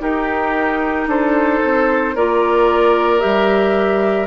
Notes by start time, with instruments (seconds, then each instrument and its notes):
0.00 clarinet D#4, bassoon D#4, oboe G4, flute A#4
1.07 bassoon D4, oboe A4, flute C5
1.64 bassoon C4
2.15 bassoon A#3, clarinet F4, oboe A#4, flute D5
3.19 bassoon G3, clarinet G4, flute E5